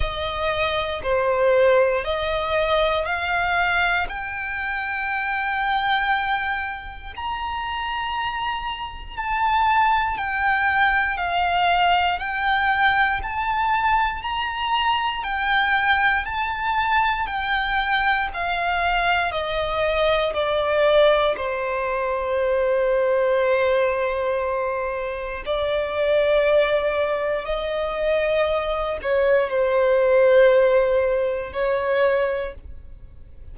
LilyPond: \new Staff \with { instrumentName = "violin" } { \time 4/4 \tempo 4 = 59 dis''4 c''4 dis''4 f''4 | g''2. ais''4~ | ais''4 a''4 g''4 f''4 | g''4 a''4 ais''4 g''4 |
a''4 g''4 f''4 dis''4 | d''4 c''2.~ | c''4 d''2 dis''4~ | dis''8 cis''8 c''2 cis''4 | }